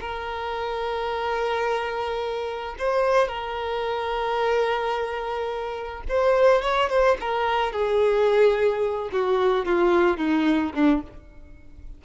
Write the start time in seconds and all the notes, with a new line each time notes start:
0.00 A#4
2.79 C5
3.28 A#4
6.09 C5
6.62 C#5
6.90 C5
7.20 A#4
7.72 G#4
9.12 F#4
9.66 F4
10.17 D#4
10.74 D4